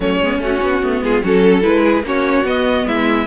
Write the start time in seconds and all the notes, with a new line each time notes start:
0.00 F#3 A3 C#4 C#5
0.20 G#3 B3
0.39 A3 C#4 F#4
0.61 B3
0.82 A3 B3
1.01 G#3 F4 G#4
1.23 F#3 C#4 F#4 A4
1.42 A4
1.62 G#3 E4 B4
1.84 G#4
2.02 A#3 C#4 F#4 C#5
2.44 B3 D#5
2.86 G#3 E4 E5